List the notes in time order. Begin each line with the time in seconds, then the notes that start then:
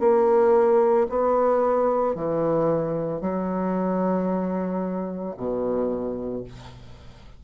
0.00 A#3
1.10 B3
2.15 E3
3.21 F#3
5.37 B2